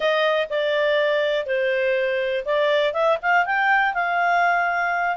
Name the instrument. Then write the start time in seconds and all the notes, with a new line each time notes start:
clarinet
0.00 D#5
0.49 D5
1.46 C5
2.45 D5
2.93 E5
3.21 F5
3.45 G5
3.94 F5